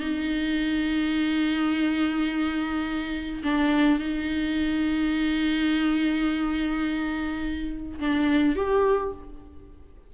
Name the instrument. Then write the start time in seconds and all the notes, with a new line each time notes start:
viola
0.00 D#4
3.44 D4
3.99 D#4
8.00 D4
8.56 G4